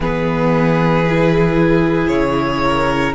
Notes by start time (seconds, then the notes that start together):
0.00 E3 B3 G#4 B4
1.07 E4
2.07 C#3 C#5
2.62 A#4